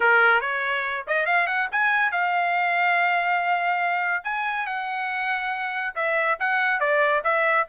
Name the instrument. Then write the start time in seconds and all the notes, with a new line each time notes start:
trumpet
0.00 A#4
0.40 C#5
1.07 D#5
1.26 F5
1.47 F#5
1.71 G#5
2.11 F5
4.24 G#5
4.66 F#5
5.95 E5
6.39 F#5
6.79 D5
7.24 E5